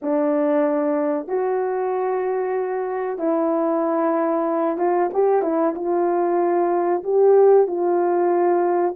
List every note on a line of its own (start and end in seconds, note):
0.02 1.27 D4
1.27 3.18 F#4
3.18 4.77 E4
4.77 5.09 F4
5.13 5.42 G4
5.42 5.74 E4
5.75 7.03 F4
7.03 7.67 G4
7.67 8.94 F4